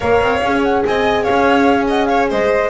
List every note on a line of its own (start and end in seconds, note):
0.00 0.20 A#3
0.00 0.42 A#4
0.00 0.83 C#5
0.00 0.61 F5
0.20 0.41 C4
0.42 0.83 C#4
0.42 2.69 G#4
0.63 0.83 F#5
0.85 1.27 C4
0.85 1.23 D#5
0.85 1.23 G#5
1.23 1.85 C#5
1.23 1.86 F5
1.29 2.31 C#4
1.87 2.08 D#5
1.87 2.05 F#5
2.05 2.29 C#5
2.05 2.26 F5
2.29 2.69 G#3
2.29 2.69 C5
2.29 2.69 D#5